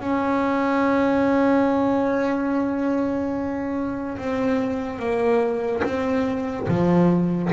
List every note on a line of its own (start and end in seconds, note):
0.00 4.17 C#4
4.17 4.98 C4
4.98 5.82 A#3
5.83 6.67 C4
6.67 7.51 F3